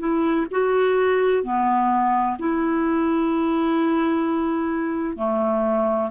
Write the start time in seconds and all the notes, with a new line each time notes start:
0.00 E4
0.52 F#4
1.44 B3
2.39 E4
5.17 A3